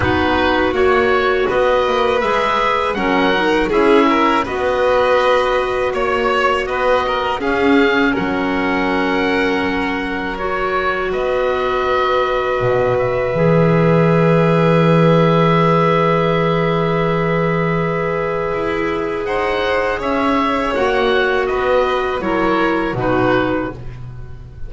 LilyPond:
<<
  \new Staff \with { instrumentName = "oboe" } { \time 4/4 \tempo 4 = 81 b'4 cis''4 dis''4 e''4 | fis''4 e''4 dis''2 | cis''4 dis''4 f''4 fis''4~ | fis''2 cis''4 dis''4~ |
dis''4. e''2~ e''8~ | e''1~ | e''2 fis''4 e''4 | fis''4 dis''4 cis''4 b'4 | }
  \new Staff \with { instrumentName = "violin" } { \time 4/4 fis'2 b'2 | ais'4 gis'8 ais'8 b'2 | cis''4 b'8 ais'8 gis'4 ais'4~ | ais'2. b'4~ |
b'1~ | b'1~ | b'2 c''4 cis''4~ | cis''4 b'4 ais'4 fis'4 | }
  \new Staff \with { instrumentName = "clarinet" } { \time 4/4 dis'4 fis'2 gis'4 | cis'8 dis'8 e'4 fis'2~ | fis'2 cis'2~ | cis'2 fis'2~ |
fis'2 gis'2~ | gis'1~ | gis'1 | fis'2 e'4 dis'4 | }
  \new Staff \with { instrumentName = "double bass" } { \time 4/4 b4 ais4 b8 ais8 gis4 | fis4 cis'4 b2 | ais4 b4 cis'4 fis4~ | fis2. b4~ |
b4 b,4 e2~ | e1~ | e4 e'4 dis'4 cis'4 | ais4 b4 fis4 b,4 | }
>>